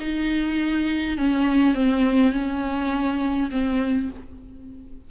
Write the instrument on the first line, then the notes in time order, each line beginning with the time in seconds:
viola
0.00 D#4
1.18 C#4
1.74 C4
2.32 C#4
3.51 C4